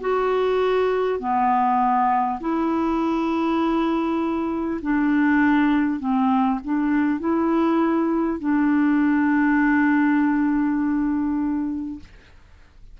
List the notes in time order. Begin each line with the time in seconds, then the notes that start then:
0.00 F#4
1.19 B3
2.40 E4
4.82 D4
5.99 C4
6.63 D4
7.19 E4
8.39 D4